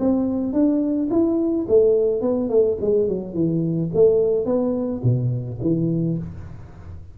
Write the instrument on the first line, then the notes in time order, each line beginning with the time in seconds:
tuba
0.00 C4
0.54 D4
1.11 E4
1.69 A3
2.22 B3
2.50 A3
2.81 G#3
3.09 F#3
3.34 E3
3.95 A3
4.46 B3
5.04 B2
5.62 E3